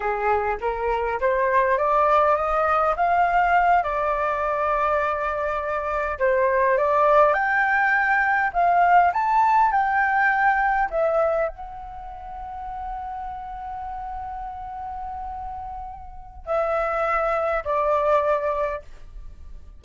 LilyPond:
\new Staff \with { instrumentName = "flute" } { \time 4/4 \tempo 4 = 102 gis'4 ais'4 c''4 d''4 | dis''4 f''4. d''4.~ | d''2~ d''8 c''4 d''8~ | d''8 g''2 f''4 a''8~ |
a''8 g''2 e''4 fis''8~ | fis''1~ | fis''1 | e''2 d''2 | }